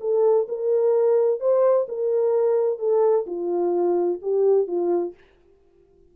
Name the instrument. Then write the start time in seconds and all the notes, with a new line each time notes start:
horn
0.00 A4
0.48 A#4
1.40 C5
1.88 A#4
2.78 A4
3.26 F4
4.22 G4
4.67 F4